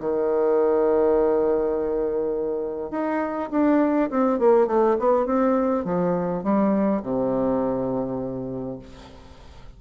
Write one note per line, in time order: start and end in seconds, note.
0.00 2.91 D#3
2.91 3.49 D#4
3.51 4.10 D4
4.11 4.39 C4
4.39 4.67 A#3
4.67 4.97 A3
4.99 5.26 B3
5.26 5.85 C4
5.85 6.43 F3
6.43 7.02 G3
7.03 8.79 C3